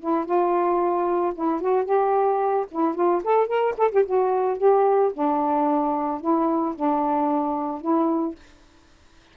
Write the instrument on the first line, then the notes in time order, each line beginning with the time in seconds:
saxophone
0.00 E4
0.25 F4
1.35 E4
1.61 F#4
1.85 G4
2.71 E4
2.95 F4
3.24 A4
3.47 A#4
3.78 A4
3.91 G4
4.06 F#4
4.58 G4
5.13 D4
6.21 E4
6.75 D4
7.81 E4